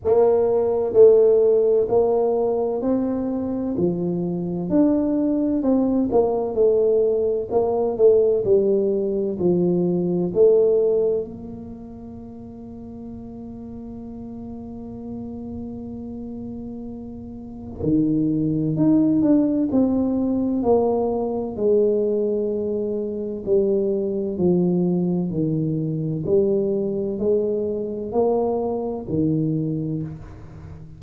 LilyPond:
\new Staff \with { instrumentName = "tuba" } { \time 4/4 \tempo 4 = 64 ais4 a4 ais4 c'4 | f4 d'4 c'8 ais8 a4 | ais8 a8 g4 f4 a4 | ais1~ |
ais2. dis4 | dis'8 d'8 c'4 ais4 gis4~ | gis4 g4 f4 dis4 | g4 gis4 ais4 dis4 | }